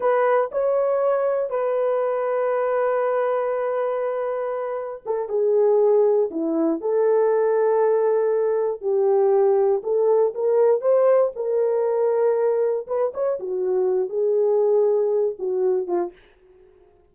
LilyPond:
\new Staff \with { instrumentName = "horn" } { \time 4/4 \tempo 4 = 119 b'4 cis''2 b'4~ | b'1~ | b'2 a'8 gis'4.~ | gis'8 e'4 a'2~ a'8~ |
a'4. g'2 a'8~ | a'8 ais'4 c''4 ais'4.~ | ais'4. b'8 cis''8 fis'4. | gis'2~ gis'8 fis'4 f'8 | }